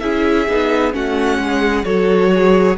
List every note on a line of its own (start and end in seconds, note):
0.00 0.48 C#4
0.00 0.47 E4
0.00 0.96 G#4
0.00 0.92 E5
0.49 0.94 B3
0.49 0.92 D#4
0.92 1.39 A3
0.92 1.85 C#4
0.92 1.42 F#4
0.92 1.85 F#5
1.39 1.85 G#3
1.39 1.86 G#4
1.85 2.78 F#3
1.85 2.78 F#4
1.85 2.32 A4
1.85 2.77 C#5
2.35 2.78 G#4